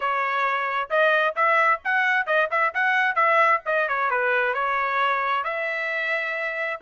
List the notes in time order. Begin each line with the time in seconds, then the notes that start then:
0.00 C#5
0.89 D#5
1.35 E5
1.84 F#5
2.26 D#5
2.50 E5
2.74 F#5
3.15 E5
3.65 D#5
3.88 C#5
4.10 B4
4.54 C#5
5.44 E5